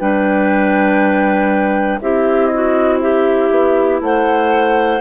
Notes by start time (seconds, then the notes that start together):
0.00 G3 D4 B4 G5
2.02 C4 E4 G4 E5
2.47 D#5
2.54 F#4
3.01 G4 E5
3.51 B3
4.01 A3 C5 F#5